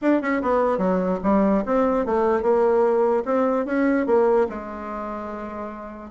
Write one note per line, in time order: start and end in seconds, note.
0.01 0.21 D4
0.21 0.41 C#4
0.42 0.78 B3
0.78 1.18 F#3
1.23 1.63 G3
1.65 2.05 C4
2.05 2.42 A3
2.42 3.23 A#3
3.25 3.65 C4
3.65 4.06 C#4
4.06 4.47 A#3
4.49 6.10 G#3